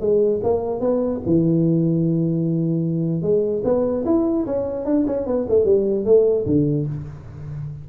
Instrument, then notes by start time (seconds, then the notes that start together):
tuba
0.00 G#3
0.43 A#3
0.80 B3
1.25 E3
3.22 G#3
3.64 B3
4.05 E4
4.46 C#4
4.85 D4
5.07 C#4
5.26 B3
5.49 A3
5.64 G3
6.05 A3
6.46 D3